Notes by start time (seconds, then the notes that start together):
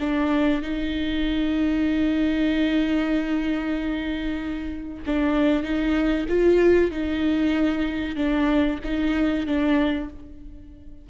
0.00 D4
0.62 D#4
5.06 D4
5.63 D#4
6.29 F4
6.91 D#4
8.16 D4
8.84 D#4
9.46 D4